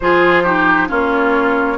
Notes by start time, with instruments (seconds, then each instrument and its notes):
0.00 bassoon F3, clarinet F4, oboe G#4, flute C5
0.43 clarinet D#4, oboe G4
0.87 bassoon A#3, clarinet C#4, oboe F4, flute C#5